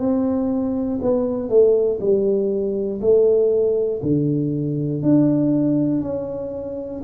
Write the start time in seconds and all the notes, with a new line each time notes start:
0.00 C4
1.02 B3
1.50 A3
2.01 G3
3.01 A3
4.03 D3
5.03 D4
6.02 C#4